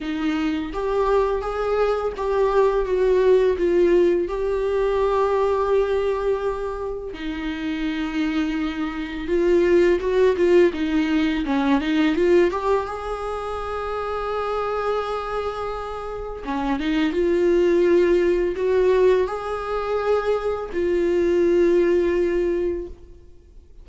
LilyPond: \new Staff \with { instrumentName = "viola" } { \time 4/4 \tempo 4 = 84 dis'4 g'4 gis'4 g'4 | fis'4 f'4 g'2~ | g'2 dis'2~ | dis'4 f'4 fis'8 f'8 dis'4 |
cis'8 dis'8 f'8 g'8 gis'2~ | gis'2. cis'8 dis'8 | f'2 fis'4 gis'4~ | gis'4 f'2. | }